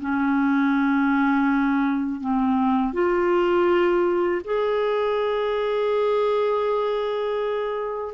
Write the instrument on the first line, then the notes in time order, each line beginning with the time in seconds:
clarinet
0.00 C#4
2.20 C4
2.93 F4
4.44 G#4